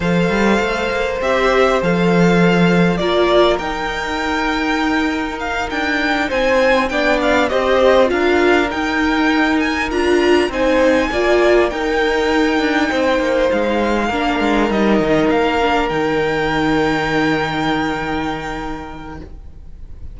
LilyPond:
<<
  \new Staff \with { instrumentName = "violin" } { \time 4/4 \tempo 4 = 100 f''2 e''4 f''4~ | f''4 d''4 g''2~ | g''4 f''8 g''4 gis''4 g''8 | f''8 dis''4 f''4 g''4. |
gis''8 ais''4 gis''2 g''8~ | g''2~ g''8 f''4.~ | f''8 dis''4 f''4 g''4.~ | g''1 | }
  \new Staff \with { instrumentName = "violin" } { \time 4/4 c''1~ | c''4 ais'2.~ | ais'2~ ais'8 c''4 d''8~ | d''8 c''4 ais'2~ ais'8~ |
ais'4. c''4 d''4 ais'8~ | ais'4. c''2 ais'8~ | ais'1~ | ais'1 | }
  \new Staff \with { instrumentName = "viola" } { \time 4/4 a'2 g'4 a'4~ | a'4 f'4 dis'2~ | dis'2.~ dis'8 d'8~ | d'8 g'4 f'4 dis'4.~ |
dis'8 f'4 dis'4 f'4 dis'8~ | dis'2.~ dis'8 d'8~ | d'8 dis'4. d'8 dis'4.~ | dis'1 | }
  \new Staff \with { instrumentName = "cello" } { \time 4/4 f8 g8 a8 ais8 c'4 f4~ | f4 ais4 dis'2~ | dis'4. d'4 c'4 b8~ | b8 c'4 d'4 dis'4.~ |
dis'8 d'4 c'4 ais4 dis'8~ | dis'4 d'8 c'8 ais8 gis4 ais8 | gis8 g8 dis8 ais4 dis4.~ | dis1 | }
>>